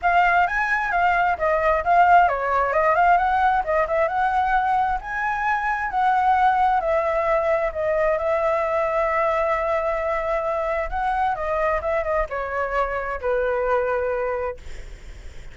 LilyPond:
\new Staff \with { instrumentName = "flute" } { \time 4/4 \tempo 4 = 132 f''4 gis''4 f''4 dis''4 | f''4 cis''4 dis''8 f''8 fis''4 | dis''8 e''8 fis''2 gis''4~ | gis''4 fis''2 e''4~ |
e''4 dis''4 e''2~ | e''1 | fis''4 dis''4 e''8 dis''8 cis''4~ | cis''4 b'2. | }